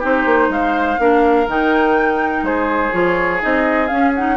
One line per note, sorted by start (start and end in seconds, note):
0.00 0.26 C4
0.00 0.98 D#4
0.00 0.48 G4
0.00 0.52 C5
0.26 0.49 A#3
0.49 0.98 G#3
0.49 1.01 C5
0.49 1.49 F5
0.99 1.48 A#3
0.99 1.48 D4
0.99 2.46 A#4
1.48 2.43 D#3
1.48 2.92 D#4
1.48 2.45 G5
2.43 2.91 G#3
2.43 4.37 G#4
2.43 2.93 C5
2.92 3.42 F3
2.92 3.40 F4
2.92 3.41 C#5
3.41 3.91 C4
3.41 3.89 D#4
3.41 3.88 D#5
3.88 4.14 C#4
3.88 4.37 C#4
3.88 4.12 F5
4.16 4.37 D#4
4.16 4.37 F#5